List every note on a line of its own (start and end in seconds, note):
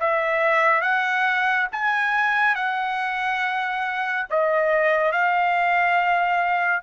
0.00 0.82 E5
0.82 1.68 F#5
1.72 2.55 G#5
2.55 4.27 F#5
4.30 5.12 D#5
5.12 6.83 F5